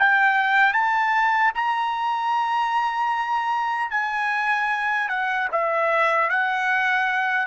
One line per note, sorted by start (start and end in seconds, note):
0.00 0.74 G5
0.74 1.53 A5
1.55 3.91 A#5
3.91 5.09 G#5
5.09 5.49 F#5
5.52 6.30 E5
6.30 7.47 F#5